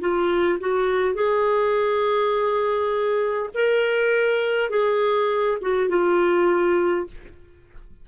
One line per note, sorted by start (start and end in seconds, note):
0.00 0.59 F4
0.60 1.15 F#4
1.15 3.50 G#4
3.55 4.70 A#4
4.70 5.58 G#4
5.62 5.89 F#4
5.89 7.07 F4